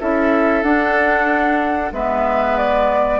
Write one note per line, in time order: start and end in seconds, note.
0.00 0.62 C#4
0.00 0.63 E4
0.00 1.94 A4
0.00 0.63 E5
0.62 1.92 D4
0.62 1.92 F#5
1.92 3.19 G#3
1.92 3.19 B3
1.92 3.19 B4
1.92 2.57 E5
2.57 3.19 D5